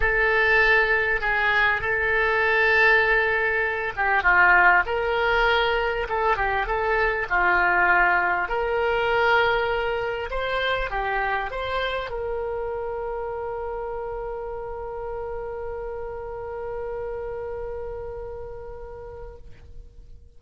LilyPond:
\new Staff \with { instrumentName = "oboe" } { \time 4/4 \tempo 4 = 99 a'2 gis'4 a'4~ | a'2~ a'8 g'8 f'4 | ais'2 a'8 g'8 a'4 | f'2 ais'2~ |
ais'4 c''4 g'4 c''4 | ais'1~ | ais'1~ | ais'1 | }